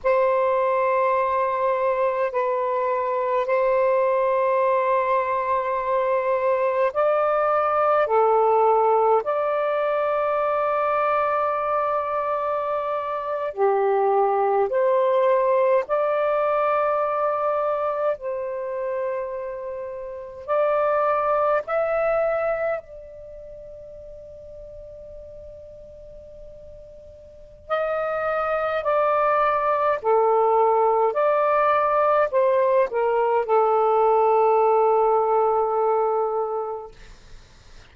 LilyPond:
\new Staff \with { instrumentName = "saxophone" } { \time 4/4 \tempo 4 = 52 c''2 b'4 c''4~ | c''2 d''4 a'4 | d''2.~ d''8. g'16~ | g'8. c''4 d''2 c''16~ |
c''4.~ c''16 d''4 e''4 d''16~ | d''1 | dis''4 d''4 a'4 d''4 | c''8 ais'8 a'2. | }